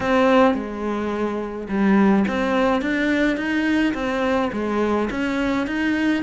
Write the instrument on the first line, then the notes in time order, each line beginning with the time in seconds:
cello
0.00 C4
0.54 G#3
1.68 G3
2.27 C4
2.81 D4
3.37 D#4
3.94 C4
4.52 G#3
5.10 C#4
5.66 D#4